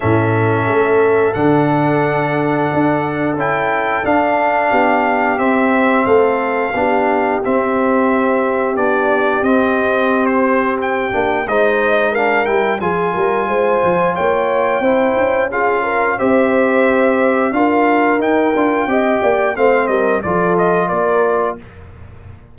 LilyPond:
<<
  \new Staff \with { instrumentName = "trumpet" } { \time 4/4 \tempo 4 = 89 e''2 fis''2~ | fis''4 g''4 f''2 | e''4 f''2 e''4~ | e''4 d''4 dis''4~ dis''16 c''8. |
g''4 dis''4 f''8 g''8 gis''4~ | gis''4 g''2 f''4 | e''2 f''4 g''4~ | g''4 f''8 dis''8 d''8 dis''8 d''4 | }
  \new Staff \with { instrumentName = "horn" } { \time 4/4 a'1~ | a'2. g'4~ | g'4 a'4 g'2~ | g'1~ |
g'4 c''4 ais'4 gis'8 ais'8 | c''4 cis''4 c''4 gis'8 ais'8 | c''2 ais'2 | dis''8 d''8 c''8 ais'8 a'4 ais'4 | }
  \new Staff \with { instrumentName = "trombone" } { \time 4/4 cis'2 d'2~ | d'4 e'4 d'2 | c'2 d'4 c'4~ | c'4 d'4 c'2~ |
c'8 d'8 dis'4 d'8 e'8 f'4~ | f'2 e'4 f'4 | g'2 f'4 dis'8 f'8 | g'4 c'4 f'2 | }
  \new Staff \with { instrumentName = "tuba" } { \time 4/4 a,4 a4 d2 | d'4 cis'4 d'4 b4 | c'4 a4 b4 c'4~ | c'4 b4 c'2~ |
c'8 ais8 gis4. g8 f8 g8 | gis8 f8 ais4 c'8 cis'4. | c'2 d'4 dis'8 d'8 | c'8 ais8 a8 g8 f4 ais4 | }
>>